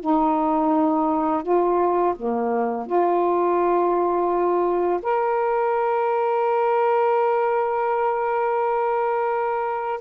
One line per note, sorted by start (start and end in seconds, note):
0.00 1.43 D#4
1.43 2.14 F4
2.16 2.86 A#3
2.86 5.01 F4
5.02 10.01 A#4